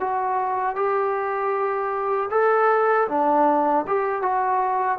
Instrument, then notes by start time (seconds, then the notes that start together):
trombone
0.00 F#4
0.76 G4
2.31 A4
3.09 D4
3.87 G4
4.22 F#4